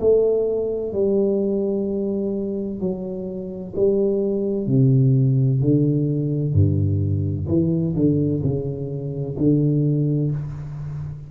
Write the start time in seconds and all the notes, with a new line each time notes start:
0.00 A3
0.92 G3
2.80 F#3
3.75 G3
4.67 C3
5.60 D3
6.53 G2
7.48 E3
7.95 D3
8.42 C#3
9.37 D3